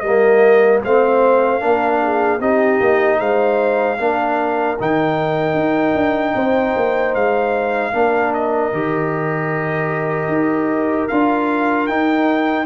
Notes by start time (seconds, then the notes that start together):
0.00 G3 A#4 D#5
0.06 A#3
0.84 A3 C4 C5 F5
1.60 A#3 D4 A#4
2.02 G#4
2.40 C4 D#4 G4 D#5
2.80 A#3
3.19 G#3 C5 F5
3.99 A#3 D4 A#4
4.80 D#3 D#4 G5
5.54 D#4
5.95 D4
6.35 C4 C5
6.76 A#3
7.15 G#3 F5
7.93 A#3 D4 A#4
8.34 D#5
8.73 D#3 G4
10.28 D#4
11.08 D4 F4 F5
11.87 D#4 G5